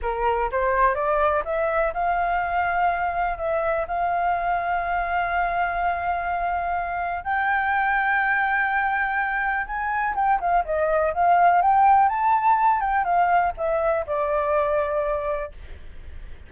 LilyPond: \new Staff \with { instrumentName = "flute" } { \time 4/4 \tempo 4 = 124 ais'4 c''4 d''4 e''4 | f''2. e''4 | f''1~ | f''2. g''4~ |
g''1 | gis''4 g''8 f''8 dis''4 f''4 | g''4 a''4. g''8 f''4 | e''4 d''2. | }